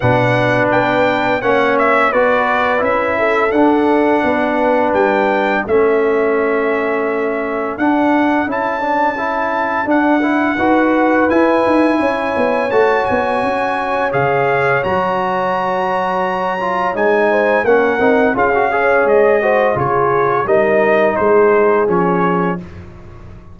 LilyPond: <<
  \new Staff \with { instrumentName = "trumpet" } { \time 4/4 \tempo 4 = 85 fis''4 g''4 fis''8 e''8 d''4 | e''4 fis''2 g''4 | e''2. fis''4 | a''2 fis''2 |
gis''2 a''8 gis''4. | f''4 ais''2. | gis''4 fis''4 f''4 dis''4 | cis''4 dis''4 c''4 cis''4 | }
  \new Staff \with { instrumentName = "horn" } { \time 4/4 b'2 cis''4 b'4~ | b'8 a'4. b'2 | a'1~ | a'2. b'4~ |
b'4 cis''2.~ | cis''1~ | cis''8 c''8 ais'4 gis'8 cis''4 c''8 | gis'4 ais'4 gis'2 | }
  \new Staff \with { instrumentName = "trombone" } { \time 4/4 d'2 cis'4 fis'4 | e'4 d'2. | cis'2. d'4 | e'8 d'8 e'4 d'8 e'8 fis'4 |
e'2 fis'2 | gis'4 fis'2~ fis'8 f'8 | dis'4 cis'8 dis'8 f'16 fis'16 gis'4 fis'8 | f'4 dis'2 cis'4 | }
  \new Staff \with { instrumentName = "tuba" } { \time 4/4 b,4 b4 ais4 b4 | cis'4 d'4 b4 g4 | a2. d'4 | cis'2 d'4 dis'4 |
e'8 dis'8 cis'8 b8 a8 b8 cis'4 | cis4 fis2. | gis4 ais8 c'8 cis'4 gis4 | cis4 g4 gis4 f4 | }
>>